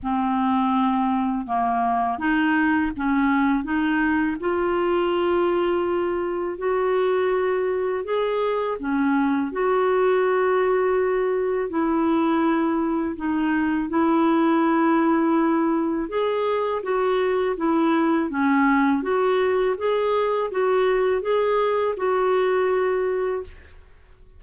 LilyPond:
\new Staff \with { instrumentName = "clarinet" } { \time 4/4 \tempo 4 = 82 c'2 ais4 dis'4 | cis'4 dis'4 f'2~ | f'4 fis'2 gis'4 | cis'4 fis'2. |
e'2 dis'4 e'4~ | e'2 gis'4 fis'4 | e'4 cis'4 fis'4 gis'4 | fis'4 gis'4 fis'2 | }